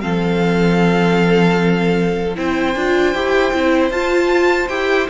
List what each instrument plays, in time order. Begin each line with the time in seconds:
0.00 cello F3, viola C4, violin A4 F5
2.36 cello C4, viola E4, violin C5 G5
2.75 cello D4, viola F4
3.14 cello E4, viola G4
3.53 cello C4, viola E4
3.91 cello F4, viola F4, violin A5
4.68 cello E4, viola G4, violin G5